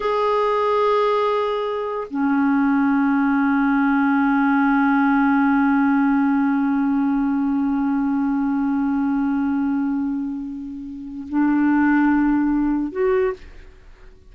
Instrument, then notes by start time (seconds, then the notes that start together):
clarinet
0.00 G#4
2.10 C#4
11.28 D4
12.91 F#4